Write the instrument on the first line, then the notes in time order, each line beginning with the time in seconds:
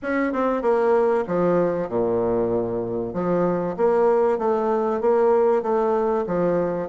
bassoon
0.02 C#4
0.32 C4
0.61 A#3
1.27 F3
1.88 A#2
3.13 F3
3.76 A#3
4.38 A3
5.01 A#3
5.62 A3
6.27 F3